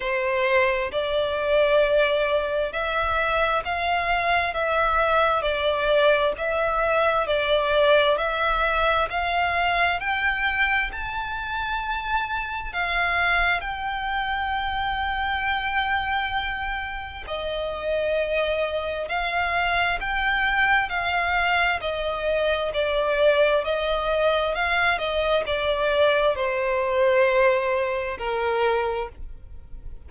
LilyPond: \new Staff \with { instrumentName = "violin" } { \time 4/4 \tempo 4 = 66 c''4 d''2 e''4 | f''4 e''4 d''4 e''4 | d''4 e''4 f''4 g''4 | a''2 f''4 g''4~ |
g''2. dis''4~ | dis''4 f''4 g''4 f''4 | dis''4 d''4 dis''4 f''8 dis''8 | d''4 c''2 ais'4 | }